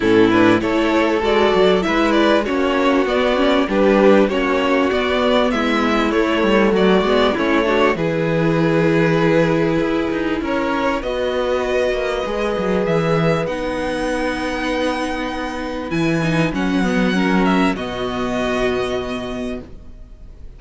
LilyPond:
<<
  \new Staff \with { instrumentName = "violin" } { \time 4/4 \tempo 4 = 98 a'8 b'8 cis''4 d''4 e''8 d''8 | cis''4 d''4 b'4 cis''4 | d''4 e''4 cis''4 d''4 | cis''4 b'2.~ |
b'4 cis''4 dis''2~ | dis''4 e''4 fis''2~ | fis''2 gis''4 fis''4~ | fis''8 e''8 dis''2. | }
  \new Staff \with { instrumentName = "violin" } { \time 4/4 e'4 a'2 b'4 | fis'2 g'4 fis'4~ | fis'4 e'2 fis'4 | e'8 fis'8 gis'2.~ |
gis'4 ais'4 b'2~ | b'1~ | b'1 | ais'4 fis'2. | }
  \new Staff \with { instrumentName = "viola" } { \time 4/4 cis'8 d'8 e'4 fis'4 e'4 | cis'4 b8 cis'8 d'4 cis'4 | b2 a4. b8 | cis'8 d'8 e'2.~ |
e'2 fis'2 | gis'2 dis'2~ | dis'2 e'8 dis'8 cis'8 b8 | cis'4 b2. | }
  \new Staff \with { instrumentName = "cello" } { \time 4/4 a,4 a4 gis8 fis8 gis4 | ais4 b4 g4 ais4 | b4 gis4 a8 g8 fis8 gis8 | a4 e2. |
e'8 dis'8 cis'4 b4. ais8 | gis8 fis8 e4 b2~ | b2 e4 fis4~ | fis4 b,2. | }
>>